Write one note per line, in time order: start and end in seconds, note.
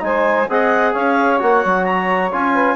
0.00 0.47 G#3
0.00 0.46 D#4
0.00 0.50 C5
0.00 0.49 G#5
0.48 0.94 C4
0.48 1.39 G#4
0.48 0.92 D#5
0.48 0.94 F#5
0.92 1.41 C#4
0.92 2.52 C#5
0.92 1.39 F5
1.39 1.64 A#3
1.39 2.30 F#4
1.39 1.84 F#5
1.65 2.32 F#3
1.84 2.30 A#5
2.32 2.76 C#4
2.32 2.76 F4
2.32 2.76 G#5
2.53 2.76 B4